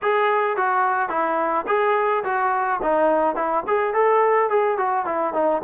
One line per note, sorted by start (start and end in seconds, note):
0.02 0.56 G#4
0.56 1.09 F#4
1.09 1.65 E4
1.67 2.23 G#4
2.24 2.80 F#4
2.82 3.35 D#4
3.35 3.63 E4
3.67 3.93 G#4
3.93 4.49 A4
4.49 4.77 G#4
4.77 5.05 F#4
5.05 5.33 E4
5.33 5.61 D#4